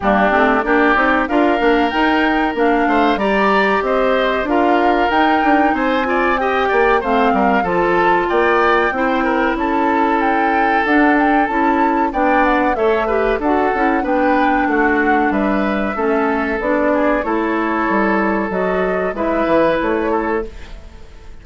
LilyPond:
<<
  \new Staff \with { instrumentName = "flute" } { \time 4/4 \tempo 4 = 94 g'4 d''4 f''4 g''4 | f''4 ais''4 dis''4 f''4 | g''4 gis''4 g''4 f''4 | a''4 g''2 a''4 |
g''4 fis''8 g''8 a''4 g''8 fis''8 | e''4 fis''4 g''4 fis''4 | e''2 d''4 cis''4~ | cis''4 dis''4 e''4 cis''4 | }
  \new Staff \with { instrumentName = "oboe" } { \time 4/4 d'4 g'4 ais'2~ | ais'8 c''8 d''4 c''4 ais'4~ | ais'4 c''8 d''8 dis''8 d''8 c''8 ais'8 | a'4 d''4 c''8 ais'8 a'4~ |
a'2. d''4 | cis''8 b'8 a'4 b'4 fis'4 | b'4 a'4. gis'8 a'4~ | a'2 b'4. a'8 | }
  \new Staff \with { instrumentName = "clarinet" } { \time 4/4 ais8 c'8 d'8 dis'8 f'8 d'8 dis'4 | d'4 g'2 f'4 | dis'4. f'8 g'4 c'4 | f'2 e'2~ |
e'4 d'4 e'4 d'4 | a'8 g'8 fis'8 e'8 d'2~ | d'4 cis'4 d'4 e'4~ | e'4 fis'4 e'2 | }
  \new Staff \with { instrumentName = "bassoon" } { \time 4/4 g8 a8 ais8 c'8 d'8 ais8 dis'4 | ais8 a8 g4 c'4 d'4 | dis'8 d'8 c'4. ais8 a8 g8 | f4 ais4 c'4 cis'4~ |
cis'4 d'4 cis'4 b4 | a4 d'8 cis'8 b4 a4 | g4 a4 b4 a4 | g4 fis4 gis8 e8 a4 | }
>>